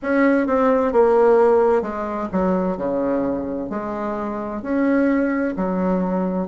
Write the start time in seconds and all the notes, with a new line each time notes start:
0.02 C#4
0.46 C4
0.92 A#3
1.82 G#3
2.32 F#3
2.77 C#3
3.69 G#3
4.62 C#4
5.56 F#3